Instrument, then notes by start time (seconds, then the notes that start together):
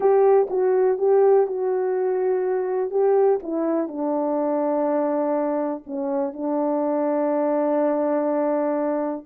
horn
0.00 G4
0.50 F#4
0.98 G4
1.46 F#4
2.90 G4
3.43 E4
3.88 D4
5.86 C#4
6.33 D4